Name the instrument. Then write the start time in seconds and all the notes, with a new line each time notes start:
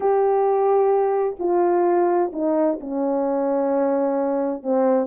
horn
0.00 G4
1.39 F4
2.33 D#4
2.80 C#4
4.63 C4